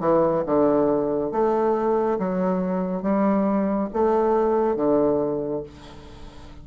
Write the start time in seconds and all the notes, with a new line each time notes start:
0.00 E3
0.46 D3
1.31 A3
2.19 F#3
3.02 G3
3.93 A3
4.76 D3